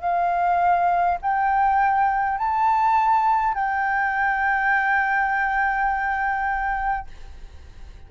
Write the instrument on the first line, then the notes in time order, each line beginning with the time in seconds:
flute
0.00 F5
1.21 G5
2.38 A5
3.54 G5